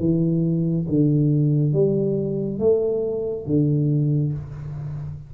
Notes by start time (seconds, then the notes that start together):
0.00 E3
0.89 D3
1.74 G3
2.60 A3
3.47 D3